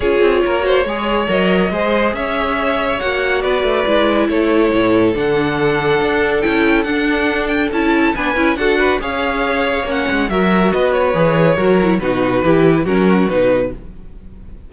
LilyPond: <<
  \new Staff \with { instrumentName = "violin" } { \time 4/4 \tempo 4 = 140 cis''2. dis''4~ | dis''4 e''2 fis''4 | d''2 cis''2 | fis''2. g''4 |
fis''4. g''8 a''4 gis''4 | fis''4 f''2 fis''4 | e''4 dis''8 cis''2~ cis''8 | b'2 ais'4 b'4 | }
  \new Staff \with { instrumentName = "violin" } { \time 4/4 gis'4 ais'8 c''8 cis''2 | c''4 cis''2. | b'2 a'2~ | a'1~ |
a'2. b'4 | a'8 b'8 cis''2. | ais'4 b'2 ais'4 | fis'4 g'4 fis'2 | }
  \new Staff \with { instrumentName = "viola" } { \time 4/4 f'4. fis'8 gis'4 ais'4 | gis'2. fis'4~ | fis'4 e'2. | d'2. e'4 |
d'2 e'4 d'8 e'8 | fis'4 gis'2 cis'4 | fis'2 gis'4 fis'8 e'8 | dis'4 e'4 cis'4 dis'4 | }
  \new Staff \with { instrumentName = "cello" } { \time 4/4 cis'8 c'8 ais4 gis4 fis4 | gis4 cis'2 ais4 | b8 a8 gis4 a4 a,4 | d2 d'4 cis'4 |
d'2 cis'4 b8 cis'8 | d'4 cis'2 ais8 gis8 | fis4 b4 e4 fis4 | b,4 e4 fis4 b,4 | }
>>